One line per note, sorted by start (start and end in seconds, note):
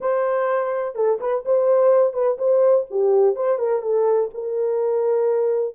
0.00 0.95 C5
0.95 1.19 A4
1.20 1.44 B4
1.45 2.13 C5
2.13 2.37 B4
2.38 2.86 C5
2.90 3.35 G4
3.35 3.58 C5
3.58 3.82 A#4
3.82 4.30 A4
4.33 5.75 A#4